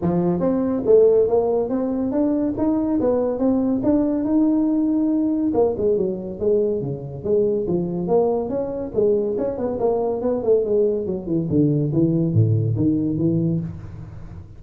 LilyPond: \new Staff \with { instrumentName = "tuba" } { \time 4/4 \tempo 4 = 141 f4 c'4 a4 ais4 | c'4 d'4 dis'4 b4 | c'4 d'4 dis'2~ | dis'4 ais8 gis8 fis4 gis4 |
cis4 gis4 f4 ais4 | cis'4 gis4 cis'8 b8 ais4 | b8 a8 gis4 fis8 e8 d4 | e4 a,4 dis4 e4 | }